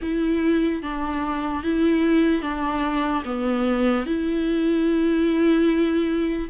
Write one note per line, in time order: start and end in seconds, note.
0.01 0.82 E4
0.82 1.63 D4
1.63 2.42 E4
2.42 3.23 D4
3.24 4.05 B3
4.06 6.49 E4